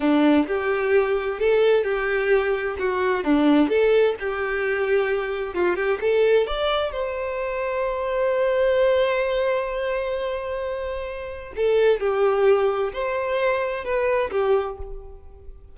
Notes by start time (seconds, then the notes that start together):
0.00 D4
0.47 G4
1.39 A4
1.84 G4
2.79 F#4
3.23 D4
3.69 A4
4.19 G4
5.54 F4
5.75 G4
6.00 A4
6.46 D5
6.91 C5
11.56 A4
12.00 G4
12.93 C5
13.84 B4
14.31 G4